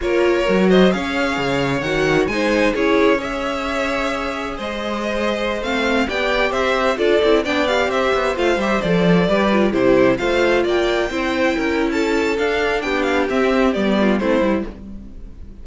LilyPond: <<
  \new Staff \with { instrumentName = "violin" } { \time 4/4 \tempo 4 = 131 cis''4. dis''8 f''2 | fis''4 gis''4 cis''4 e''4~ | e''2 dis''2~ | dis''16 f''4 g''4 e''4 d''8.~ |
d''16 g''8 f''8 e''4 f''8 e''8 d''8.~ | d''4~ d''16 c''4 f''4 g''8.~ | g''2 a''4 f''4 | g''8 f''8 e''4 d''4 c''4 | }
  \new Staff \with { instrumentName = "violin" } { \time 4/4 ais'4. c''8 cis''2~ | cis''4 c''4 gis'4 cis''4~ | cis''2 c''2~ | c''4~ c''16 d''4 c''4 a'8.~ |
a'16 d''4 c''2~ c''8.~ | c''16 b'4 g'4 c''4 d''8.~ | d''16 c''4 ais'8. a'2 | g'2~ g'8 f'8 e'4 | }
  \new Staff \with { instrumentName = "viola" } { \time 4/4 f'4 fis'4 gis'2 | fis'4 dis'4 e'4 gis'4~ | gis'1~ | gis'16 c'4 g'2 f'8 e'16~ |
e'16 d'8 g'4. f'8 g'8 a'8.~ | a'16 g'8 f'8 e'4 f'4.~ f'16~ | f'16 e'2~ e'8. d'4~ | d'4 c'4 b4 c'8 e'8 | }
  \new Staff \with { instrumentName = "cello" } { \time 4/4 ais4 fis4 cis'4 cis4 | dis4 gis4 cis'2~ | cis'2 gis2~ | gis16 a4 b4 c'4 d'8 c'16~ |
c'16 b4 c'8 b8 a8 g8 f8.~ | f16 g4 c4 a4 ais8.~ | ais16 c'4 cis'4.~ cis'16 d'4 | b4 c'4 g4 a8 g8 | }
>>